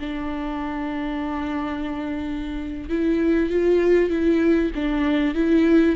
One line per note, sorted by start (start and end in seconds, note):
0.00 2.89 D4
2.89 3.50 E4
3.50 4.10 F4
4.10 4.71 E4
4.75 5.35 D4
5.35 5.96 E4